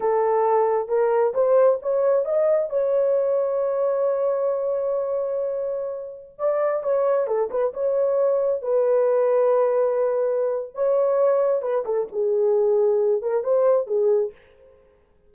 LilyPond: \new Staff \with { instrumentName = "horn" } { \time 4/4 \tempo 4 = 134 a'2 ais'4 c''4 | cis''4 dis''4 cis''2~ | cis''1~ | cis''2~ cis''16 d''4 cis''8.~ |
cis''16 a'8 b'8 cis''2 b'8.~ | b'1 | cis''2 b'8 a'8 gis'4~ | gis'4. ais'8 c''4 gis'4 | }